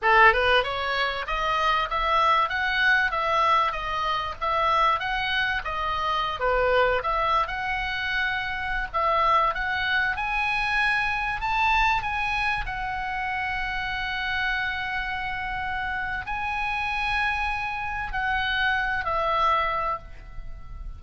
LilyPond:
\new Staff \with { instrumentName = "oboe" } { \time 4/4 \tempo 4 = 96 a'8 b'8 cis''4 dis''4 e''4 | fis''4 e''4 dis''4 e''4 | fis''4 dis''4~ dis''16 b'4 e''8. | fis''2~ fis''16 e''4 fis''8.~ |
fis''16 gis''2 a''4 gis''8.~ | gis''16 fis''2.~ fis''8.~ | fis''2 gis''2~ | gis''4 fis''4. e''4. | }